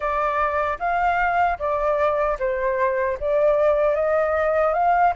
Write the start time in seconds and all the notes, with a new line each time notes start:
0.00 D5
0.79 F5
1.58 D5
2.39 C5
3.19 D5
3.95 D#5
4.73 F5